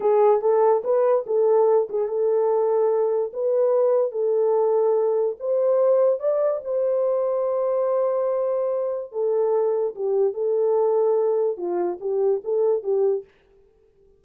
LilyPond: \new Staff \with { instrumentName = "horn" } { \time 4/4 \tempo 4 = 145 gis'4 a'4 b'4 a'4~ | a'8 gis'8 a'2. | b'2 a'2~ | a'4 c''2 d''4 |
c''1~ | c''2 a'2 | g'4 a'2. | f'4 g'4 a'4 g'4 | }